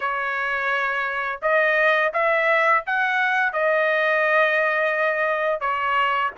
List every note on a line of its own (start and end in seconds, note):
0.00 1.39 C#5
1.41 2.12 D#5
2.13 2.84 E5
2.86 3.52 F#5
3.52 5.60 D#5
5.60 6.31 C#5